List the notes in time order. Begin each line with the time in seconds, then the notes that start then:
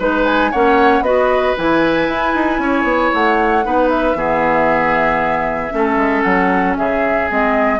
0.00 G#3 D#4 B4
0.26 G#5
0.52 A#3 C#4 C#5 F#5
1.01 B3 F#4 B4 D#5
1.57 E3 E4 G#5
2.08 E4
2.35 D#4
2.59 C#4 C#5
2.84 B3
3.14 A3 F#5
3.64 B3 D#4 B4
3.90 E5
4.15 E3 B3 G#4
5.71 A3 C#4 A4
5.97 G#3
6.23 F#3 F#5
6.78 C#3 G#4 E5
7.30 G#3 C4 D#5